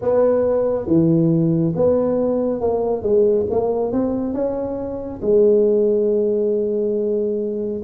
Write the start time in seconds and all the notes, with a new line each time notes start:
0.01 B3
0.86 E3
1.75 B3
2.60 A#3
3.02 G#3
3.50 A#3
3.91 C4
4.33 C#4
5.21 G#3